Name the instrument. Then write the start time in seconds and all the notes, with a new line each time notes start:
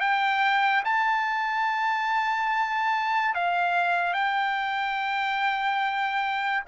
trumpet
0.00 G5
0.85 A5
3.35 F5
4.13 G5